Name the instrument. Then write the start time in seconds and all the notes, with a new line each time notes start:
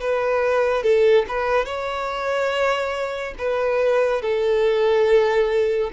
violin
0.00 B4
0.83 A4
1.28 B4
1.66 C#5
3.38 B4
4.22 A4